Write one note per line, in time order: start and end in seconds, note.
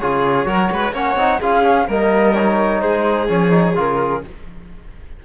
0.00 0.46 C#3
0.00 0.46 F4
0.00 0.48 G#4
0.00 0.94 C#5
0.46 0.69 F#3
0.46 0.93 F#4
0.46 0.71 A#4
0.72 0.93 G#3
0.72 0.94 B4
0.93 1.16 A#3
0.93 1.18 C#4
0.93 1.40 C#5
0.93 1.41 F#5
1.16 1.40 C4
1.16 1.41 D#4
1.40 1.88 C#4
1.40 1.64 F4
1.40 1.87 G#4
1.40 1.90 F5
1.64 1.88 C#4
1.88 2.82 G3
1.88 2.36 A#3
1.88 2.82 A#4
1.88 2.35 D#5
2.35 3.28 D#4
2.35 2.82 C#5
2.82 3.29 G#3
2.82 4.23 G#4
2.82 3.29 C5
3.28 3.77 F3
3.28 3.51 C#4
3.28 3.78 C#5
3.51 3.74 D#4
3.76 4.24 C#3
3.76 4.23 F4
3.76 4.26 A#4